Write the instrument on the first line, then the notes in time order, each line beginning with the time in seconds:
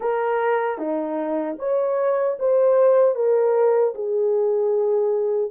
horn
0.00 A#4
0.78 D#4
1.58 C#5
2.39 C5
3.15 A#4
3.95 G#4